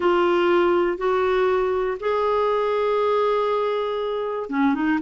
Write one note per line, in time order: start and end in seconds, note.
0.00 0.97 F4
0.97 1.97 F#4
2.00 4.49 G#4
4.49 4.74 C#4
4.74 4.99 D#4